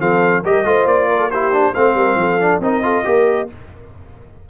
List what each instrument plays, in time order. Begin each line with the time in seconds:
0.00 tuba F3, trombone C4, horn A4, trumpet F5
0.43 tuba G3, trombone G4, horn A#4, trumpet D#5
0.64 tuba A3, trombone F4, horn C5
0.86 tuba A#3, trumpet D5
1.10 horn A#4
1.19 horn A4
1.31 trombone E4, horn G4, trumpet C5
1.52 trombone D4
1.74 tuba A3, trombone C4, horn C5, trumpet F5
1.94 tuba G3, horn A#4
2.15 tuba F3, horn A4
2.40 trombone D4
2.60 tuba C4, trombone D#4, horn A#4, trumpet D#5
2.83 trombone F4, horn A4
3.04 tuba A#3, trombone G4, horn A#4